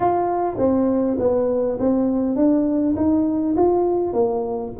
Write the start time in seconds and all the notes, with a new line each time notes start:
0.00 F4
0.58 C4
1.19 B3
1.79 C4
2.35 D4
2.96 D#4
3.56 F4
4.13 A#3